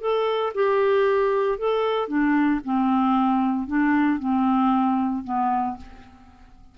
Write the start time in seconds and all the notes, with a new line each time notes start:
0.00 A4
0.54 G4
1.58 A4
2.07 D4
2.64 C4
3.67 D4
4.19 C4
5.24 B3